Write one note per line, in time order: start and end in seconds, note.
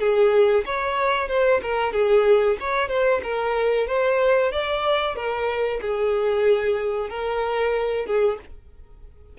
0.00 0.65 G#4
0.66 1.29 C#5
1.29 1.61 C5
1.62 1.93 A#4
1.93 2.57 G#4
2.60 2.89 C#5
2.89 3.21 C5
3.23 3.87 A#4
3.87 4.52 C5
4.52 5.16 D5
5.16 5.80 A#4
5.82 7.10 G#4
7.10 8.06 A#4
8.06 8.38 G#4